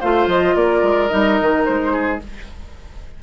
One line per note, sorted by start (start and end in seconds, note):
0.00 0.26 A3
0.00 1.09 F4
0.00 0.55 C5
0.00 0.28 F5
0.26 0.54 F3
0.26 0.56 D#5
0.55 0.82 A#3
0.55 1.93 A#4
0.55 1.08 D5
0.82 1.10 G#3
1.08 1.40 G3
1.08 2.19 D#4
1.08 1.63 D#5
1.40 1.68 D#3
1.64 2.23 G#3
1.64 2.19 C5
1.93 2.20 G#4